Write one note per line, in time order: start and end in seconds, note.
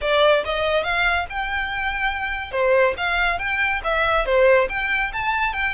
0.01 0.44 D5
0.45 0.83 D#5
0.83 1.26 F5
1.29 2.51 G5
2.51 2.94 C5
2.97 3.38 F5
3.38 3.81 G5
3.83 4.25 E5
4.25 4.68 C5
4.69 5.12 G5
5.12 5.53 A5
5.53 5.74 G5